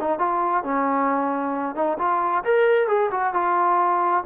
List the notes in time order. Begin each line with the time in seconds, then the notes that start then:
0.00 D#4
0.19 F4
0.64 C#4
1.75 D#4
1.98 F4
2.44 A#4
2.87 G#4
3.11 F#4
3.34 F4